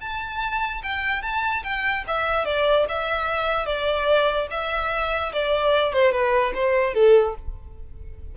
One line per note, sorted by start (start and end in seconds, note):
0.00 0.82 A5
0.83 1.22 G5
1.22 1.63 A5
1.63 2.04 G5
2.07 2.45 E5
2.45 2.86 D5
2.88 3.65 E5
3.65 4.47 D5
4.50 5.32 E5
5.33 5.93 D5
5.93 6.12 C5
6.12 6.52 B4
6.54 6.94 C5
6.94 7.35 A4